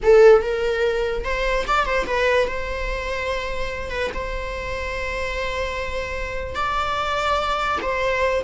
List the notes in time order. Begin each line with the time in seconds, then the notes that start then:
0.02 A4
0.42 A#4
1.24 C5
1.67 D5
1.85 C5
2.06 B4
2.47 C5
3.90 B4
4.13 C5
6.55 D5
7.82 C5